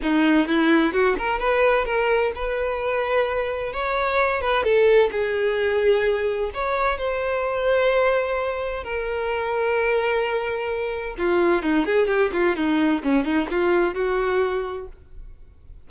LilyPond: \new Staff \with { instrumentName = "violin" } { \time 4/4 \tempo 4 = 129 dis'4 e'4 fis'8 ais'8 b'4 | ais'4 b'2. | cis''4. b'8 a'4 gis'4~ | gis'2 cis''4 c''4~ |
c''2. ais'4~ | ais'1 | f'4 dis'8 gis'8 g'8 f'8 dis'4 | cis'8 dis'8 f'4 fis'2 | }